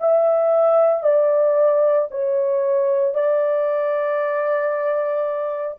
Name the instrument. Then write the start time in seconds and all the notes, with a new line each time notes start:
horn
0.00 E5
1.03 D5
2.11 C#5
3.15 D5